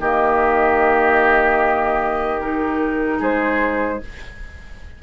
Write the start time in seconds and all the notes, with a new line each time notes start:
0.00 D#3 A#3 G4 D#5
2.41 D#4 A#4
3.19 G#3 G#4 C5